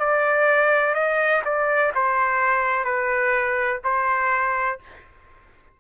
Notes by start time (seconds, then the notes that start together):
0.00 D5
0.95 D#5
1.45 D5
1.95 C5
2.85 B4
3.84 C5